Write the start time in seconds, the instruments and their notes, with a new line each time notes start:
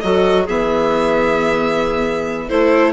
0.00 bassoon F#3, viola F#4, clarinet A4, violin D#5
0.44 bassoon E3, viola B3, clarinet G#4, violin E5
2.48 bassoon A3, viola E4, clarinet A4, violin C5